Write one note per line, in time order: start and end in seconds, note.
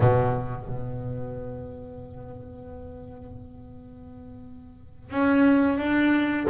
0.00 0.67 B2
0.67 5.10 B3
5.10 5.78 C#4
5.78 6.46 D4